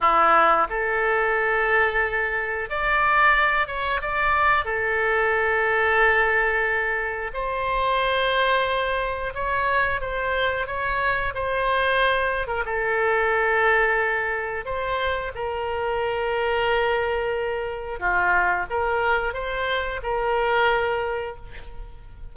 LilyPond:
\new Staff \with { instrumentName = "oboe" } { \time 4/4 \tempo 4 = 90 e'4 a'2. | d''4. cis''8 d''4 a'4~ | a'2. c''4~ | c''2 cis''4 c''4 |
cis''4 c''4.~ c''16 ais'16 a'4~ | a'2 c''4 ais'4~ | ais'2. f'4 | ais'4 c''4 ais'2 | }